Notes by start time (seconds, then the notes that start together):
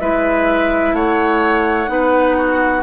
0.00 G#3 E4 B4 E5
0.93 A3 C#5 F#5
1.87 B3 D#4 B4
2.37 F#4